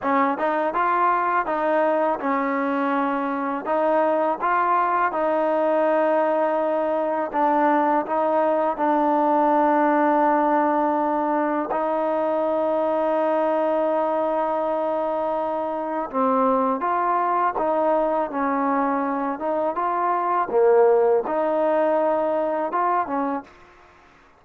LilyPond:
\new Staff \with { instrumentName = "trombone" } { \time 4/4 \tempo 4 = 82 cis'8 dis'8 f'4 dis'4 cis'4~ | cis'4 dis'4 f'4 dis'4~ | dis'2 d'4 dis'4 | d'1 |
dis'1~ | dis'2 c'4 f'4 | dis'4 cis'4. dis'8 f'4 | ais4 dis'2 f'8 cis'8 | }